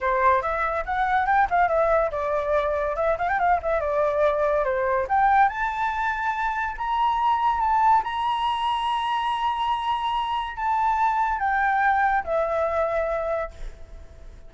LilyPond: \new Staff \with { instrumentName = "flute" } { \time 4/4 \tempo 4 = 142 c''4 e''4 fis''4 g''8 f''8 | e''4 d''2 e''8 f''16 g''16 | f''8 e''8 d''2 c''4 | g''4 a''2. |
ais''2 a''4 ais''4~ | ais''1~ | ais''4 a''2 g''4~ | g''4 e''2. | }